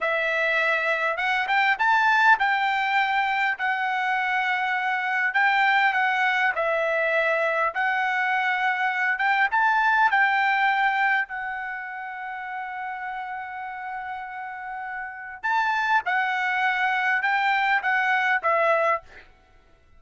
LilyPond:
\new Staff \with { instrumentName = "trumpet" } { \time 4/4 \tempo 4 = 101 e''2 fis''8 g''8 a''4 | g''2 fis''2~ | fis''4 g''4 fis''4 e''4~ | e''4 fis''2~ fis''8 g''8 |
a''4 g''2 fis''4~ | fis''1~ | fis''2 a''4 fis''4~ | fis''4 g''4 fis''4 e''4 | }